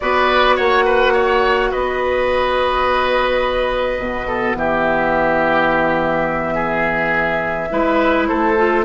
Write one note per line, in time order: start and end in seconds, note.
0.00 0.58 B3
0.00 3.99 F#4
0.00 0.56 B4
0.00 0.57 D5
0.56 1.72 A#3
0.56 0.84 C#5
0.56 1.71 F#5
0.85 1.13 B4
1.13 1.70 C#5
1.71 3.99 B3
1.71 4.27 B4
1.71 4.57 D#5
3.99 4.55 B2
3.99 7.70 B3
4.27 4.56 A4
4.55 7.69 E3
4.55 6.54 G4
4.55 8.26 E5
6.54 7.68 G#4
7.70 8.28 G#3
7.70 8.56 E4
7.70 8.28 B4
8.26 8.84 A3
8.26 8.84 A4
8.26 8.83 C5
8.56 8.84 F4